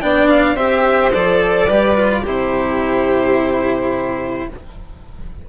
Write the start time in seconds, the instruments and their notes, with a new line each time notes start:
0.00 bassoon B3, cello D4, violin D5 G5
0.29 violin F5
0.55 bassoon C4, cello G4, violin C5 E5
1.13 bassoon F3, cello A4, violin D5
1.66 bassoon G3, cello G4, violin B4
1.95 cello F4
2.21 bassoon C3, cello E4, violin G4 C5